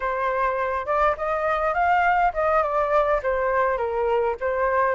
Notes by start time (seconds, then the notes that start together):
0.00 C5
0.86 D5
1.17 D#5
1.73 F5
2.33 D#5
2.62 D5
3.23 C5
3.77 A#4
4.40 C5